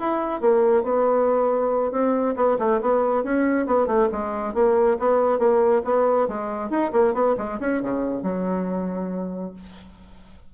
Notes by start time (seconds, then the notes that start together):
0.00 E4
0.41 A#3
0.84 B3
1.92 C4
2.37 B3
2.59 A3
2.82 B3
3.24 C#4
3.67 B3
3.87 A3
4.13 G#3
4.54 A#3
5.00 B3
5.39 A#3
5.85 B3
6.28 G#3
6.70 D#4
6.93 A#3
7.14 B3
7.38 G#3
7.61 C#4
7.83 C#3
8.23 F#3